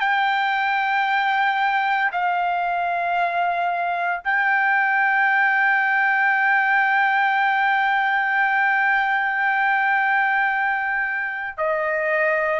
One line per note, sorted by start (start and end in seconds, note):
0.00 2.11 G5
2.12 4.22 F5
4.24 11.57 G5
11.57 12.60 D#5